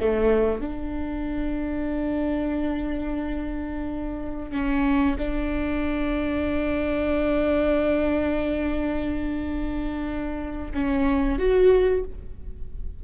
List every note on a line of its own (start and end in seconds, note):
0.00 0.61 A3
0.61 4.51 D4
4.51 5.16 C#4
5.18 10.72 D4
10.74 11.39 C#4
11.39 12.04 F#4